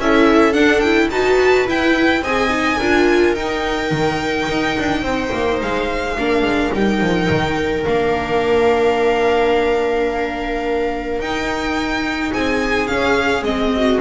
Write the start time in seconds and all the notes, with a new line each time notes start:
0.00 C#4 E4 A4 E5
0.54 D4 F#5
0.81 E4 G5
1.11 D#4 F#4 B4 A5
1.68 E4 G5
2.22 C4 G#4 D#5 G#5
2.50 D#4
2.79 D4 F4 A#4
3.35 D#4 G5
3.91 D#3
4.50 D#4
4.79 D4
5.02 C4 C5
5.34 A#3
5.62 G#3 F5
6.19 A#3 D4 A#4
6.43 G#3
6.73 G3 D#4 G5
7.02 F3
7.30 D#3
7.85 A#3 D4 F5
11.20 D#4 G5
12.32 C4 G#4 G#5
12.87 C#4 F5
13.43 G#3 C4 D#5
13.76 F#4